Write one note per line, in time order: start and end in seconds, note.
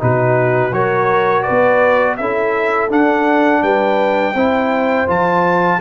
0.00 0.72 B2
0.00 0.72 D#4
0.00 0.74 F#4
0.00 0.74 B4
0.72 1.44 F#3
0.72 2.18 F#4
0.72 1.44 A#4
0.72 1.43 C#5
1.43 2.17 B4
1.43 2.16 D5
1.50 2.20 B3
2.17 2.91 C#4
2.17 2.90 E4
2.17 3.63 A4
2.17 2.90 E5
2.90 4.34 D4
2.90 3.63 D4
2.90 3.63 F#5
3.63 4.35 G3
3.63 4.34 B4
3.63 5.08 G5
4.34 5.07 C4
4.34 5.08 E4
4.34 5.79 C5
5.08 5.81 F3
5.08 5.80 F4
5.08 5.82 A5